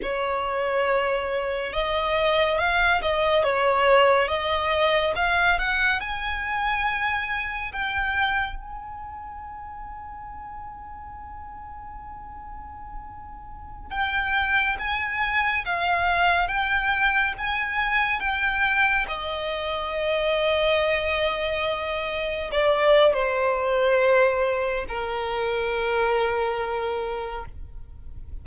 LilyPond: \new Staff \with { instrumentName = "violin" } { \time 4/4 \tempo 4 = 70 cis''2 dis''4 f''8 dis''8 | cis''4 dis''4 f''8 fis''8 gis''4~ | gis''4 g''4 gis''2~ | gis''1~ |
gis''16 g''4 gis''4 f''4 g''8.~ | g''16 gis''4 g''4 dis''4.~ dis''16~ | dis''2~ dis''16 d''8. c''4~ | c''4 ais'2. | }